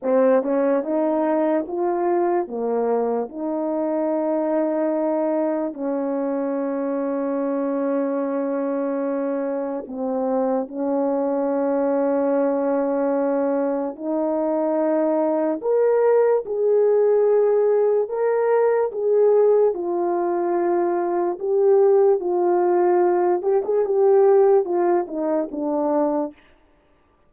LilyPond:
\new Staff \with { instrumentName = "horn" } { \time 4/4 \tempo 4 = 73 c'8 cis'8 dis'4 f'4 ais4 | dis'2. cis'4~ | cis'1 | c'4 cis'2.~ |
cis'4 dis'2 ais'4 | gis'2 ais'4 gis'4 | f'2 g'4 f'4~ | f'8 g'16 gis'16 g'4 f'8 dis'8 d'4 | }